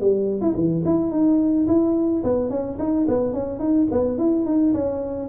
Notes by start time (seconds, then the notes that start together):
0.00 G3
0.41 E4
0.55 E3
0.85 E4
1.11 D#4
1.67 E4
2.23 B3
2.49 C#4
2.78 D#4
3.07 B3
3.33 C#4
3.59 D#4
3.91 B3
4.18 E4
4.45 D#4
4.73 C#4